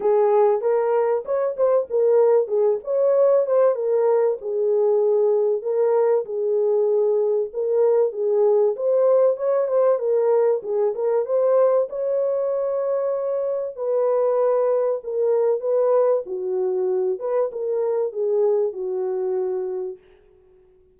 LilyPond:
\new Staff \with { instrumentName = "horn" } { \time 4/4 \tempo 4 = 96 gis'4 ais'4 cis''8 c''8 ais'4 | gis'8 cis''4 c''8 ais'4 gis'4~ | gis'4 ais'4 gis'2 | ais'4 gis'4 c''4 cis''8 c''8 |
ais'4 gis'8 ais'8 c''4 cis''4~ | cis''2 b'2 | ais'4 b'4 fis'4. b'8 | ais'4 gis'4 fis'2 | }